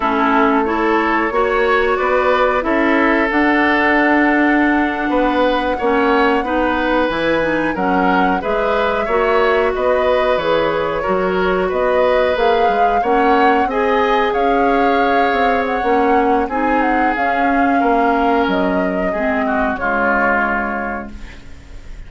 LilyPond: <<
  \new Staff \with { instrumentName = "flute" } { \time 4/4 \tempo 4 = 91 a'4 cis''2 d''4 | e''4 fis''2.~ | fis''2~ fis''8. gis''4 fis''16~ | fis''8. e''2 dis''4 cis''16~ |
cis''4.~ cis''16 dis''4 f''4 fis''16~ | fis''8. gis''4 f''2 fis''16~ | fis''4 gis''8 fis''8 f''2 | dis''2 cis''2 | }
  \new Staff \with { instrumentName = "oboe" } { \time 4/4 e'4 a'4 cis''4 b'4 | a'2.~ a'8. b'16~ | b'8. cis''4 b'2 ais'16~ | ais'8. b'4 cis''4 b'4~ b'16~ |
b'8. ais'4 b'2 cis''16~ | cis''8. dis''4 cis''2~ cis''16~ | cis''4 gis'2 ais'4~ | ais'4 gis'8 fis'8 f'2 | }
  \new Staff \with { instrumentName = "clarinet" } { \time 4/4 cis'4 e'4 fis'2 | e'4 d'2.~ | d'8. cis'4 dis'4 e'8 dis'8 cis'16~ | cis'8. gis'4 fis'2 gis'16~ |
gis'8. fis'2 gis'4 cis'16~ | cis'8. gis'2.~ gis'16 | cis'4 dis'4 cis'2~ | cis'4 c'4 gis2 | }
  \new Staff \with { instrumentName = "bassoon" } { \time 4/4 a2 ais4 b4 | cis'4 d'2~ d'8. b16~ | b8. ais4 b4 e4 fis16~ | fis8. gis4 ais4 b4 e16~ |
e8. fis4 b4 ais8 gis8 ais16~ | ais8. c'4 cis'4. c'8. | ais4 c'4 cis'4 ais4 | fis4 gis4 cis2 | }
>>